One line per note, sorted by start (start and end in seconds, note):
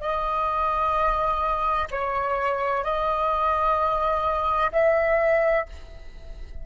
0.00 1.88 D#5
1.90 2.83 C#5
2.83 4.71 D#5
4.72 5.65 E5